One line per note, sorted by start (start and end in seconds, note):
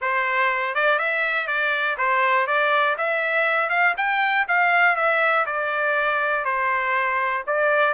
0.01 0.74 C5
0.74 0.98 D5
0.98 1.47 E5
1.47 1.96 D5
1.97 2.47 C5
2.47 2.96 D5
2.97 3.69 E5
3.69 3.94 F5
3.97 4.46 G5
4.48 4.96 F5
4.96 5.45 E5
5.45 6.45 D5
6.45 7.44 C5
7.47 7.93 D5